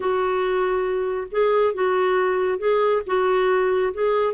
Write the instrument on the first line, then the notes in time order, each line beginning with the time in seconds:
clarinet
0.00 F#4
1.31 G#4
1.74 F#4
2.58 G#4
3.06 F#4
3.93 G#4